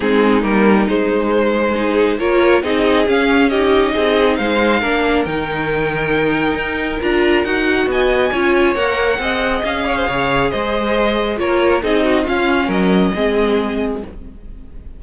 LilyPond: <<
  \new Staff \with { instrumentName = "violin" } { \time 4/4 \tempo 4 = 137 gis'4 ais'4 c''2~ | c''4 cis''4 dis''4 f''4 | dis''2 f''2 | g''1 |
ais''4 fis''4 gis''2 | fis''2 f''2 | dis''2 cis''4 dis''4 | f''4 dis''2. | }
  \new Staff \with { instrumentName = "violin" } { \time 4/4 dis'1 | gis'4 ais'4 gis'2 | g'4 gis'4 c''4 ais'4~ | ais'1~ |
ais'2 dis''4 cis''4~ | cis''4 dis''4. cis''16 c''16 cis''4 | c''2 ais'4 gis'8 fis'8 | f'4 ais'4 gis'2 | }
  \new Staff \with { instrumentName = "viola" } { \time 4/4 c'4 ais4 gis2 | dis'4 f'4 dis'4 cis'4 | dis'2. d'4 | dis'1 |
f'4 fis'2 f'4 | ais'4 gis'2.~ | gis'2 f'4 dis'4 | cis'2 c'2 | }
  \new Staff \with { instrumentName = "cello" } { \time 4/4 gis4 g4 gis2~ | gis4 ais4 c'4 cis'4~ | cis'4 c'4 gis4 ais4 | dis2. dis'4 |
d'4 dis'4 b4 cis'4 | ais4 c'4 cis'4 cis4 | gis2 ais4 c'4 | cis'4 fis4 gis2 | }
>>